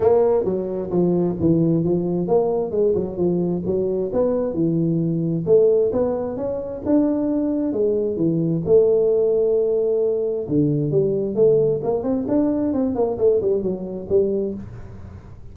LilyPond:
\new Staff \with { instrumentName = "tuba" } { \time 4/4 \tempo 4 = 132 ais4 fis4 f4 e4 | f4 ais4 gis8 fis8 f4 | fis4 b4 e2 | a4 b4 cis'4 d'4~ |
d'4 gis4 e4 a4~ | a2. d4 | g4 a4 ais8 c'8 d'4 | c'8 ais8 a8 g8 fis4 g4 | }